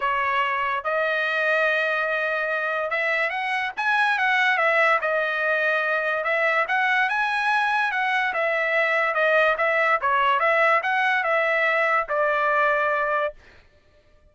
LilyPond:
\new Staff \with { instrumentName = "trumpet" } { \time 4/4 \tempo 4 = 144 cis''2 dis''2~ | dis''2. e''4 | fis''4 gis''4 fis''4 e''4 | dis''2. e''4 |
fis''4 gis''2 fis''4 | e''2 dis''4 e''4 | cis''4 e''4 fis''4 e''4~ | e''4 d''2. | }